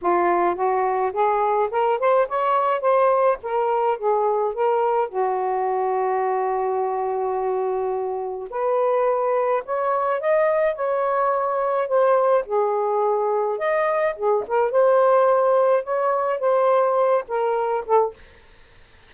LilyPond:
\new Staff \with { instrumentName = "saxophone" } { \time 4/4 \tempo 4 = 106 f'4 fis'4 gis'4 ais'8 c''8 | cis''4 c''4 ais'4 gis'4 | ais'4 fis'2.~ | fis'2. b'4~ |
b'4 cis''4 dis''4 cis''4~ | cis''4 c''4 gis'2 | dis''4 gis'8 ais'8 c''2 | cis''4 c''4. ais'4 a'8 | }